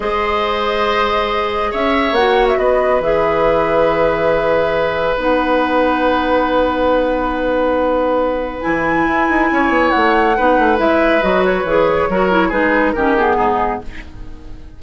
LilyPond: <<
  \new Staff \with { instrumentName = "flute" } { \time 4/4 \tempo 4 = 139 dis''1 | e''4 fis''8. e''16 dis''4 e''4~ | e''1 | fis''1~ |
fis''1 | gis''2. fis''4~ | fis''4 e''4 dis''8 cis''4.~ | cis''4 b'4 ais'8 gis'4. | }
  \new Staff \with { instrumentName = "oboe" } { \time 4/4 c''1 | cis''2 b'2~ | b'1~ | b'1~ |
b'1~ | b'2 cis''2 | b'1 | ais'4 gis'4 g'4 dis'4 | }
  \new Staff \with { instrumentName = "clarinet" } { \time 4/4 gis'1~ | gis'4 fis'2 gis'4~ | gis'1 | dis'1~ |
dis'1 | e'1 | dis'4 e'4 fis'4 gis'4 | fis'8 e'8 dis'4 cis'8 b4. | }
  \new Staff \with { instrumentName = "bassoon" } { \time 4/4 gis1 | cis'4 ais4 b4 e4~ | e1 | b1~ |
b1 | e4 e'8 dis'8 cis'8 b8 a4 | b8 a8 gis4 fis4 e4 | fis4 gis4 dis4 gis,4 | }
>>